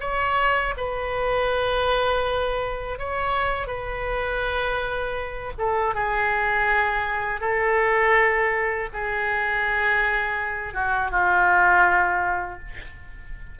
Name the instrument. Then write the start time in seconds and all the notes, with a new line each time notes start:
oboe
0.00 C#5
0.77 B4
2.99 C#5
3.67 B4
5.58 A4
5.94 G#4
7.41 A4
8.93 G#4
10.74 F#4
11.11 F4